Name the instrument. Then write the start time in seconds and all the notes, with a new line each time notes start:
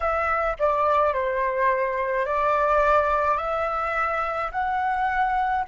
flute
0.00 E5
0.59 D5
1.13 C5
2.25 D5
3.37 E5
4.51 F#5